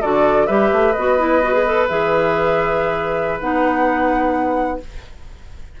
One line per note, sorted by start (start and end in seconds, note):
0.00 0.48 D3
0.00 0.47 F#4
0.00 0.46 A4
0.00 0.46 D5
0.46 0.71 G3
0.46 0.94 G4
0.46 4.77 B4
0.46 0.92 E5
0.72 0.95 A3
0.92 1.90 B3
0.92 1.18 F#4
0.92 1.85 D#5
1.18 1.41 E4
1.42 1.53 F#4
1.53 1.65 G#4
1.66 1.89 A4
1.88 3.40 E3
1.88 3.40 G#4
1.88 3.39 E5
3.40 4.80 B3
3.40 4.79 D#4
3.40 4.80 F#5